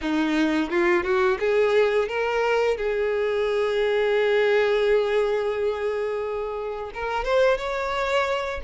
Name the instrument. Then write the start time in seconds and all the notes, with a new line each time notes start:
violin
0.01 D#4
0.70 F4
1.03 F#4
1.39 G#4
2.08 A#4
2.77 G#4
6.93 A#4
7.24 C5
7.57 C#5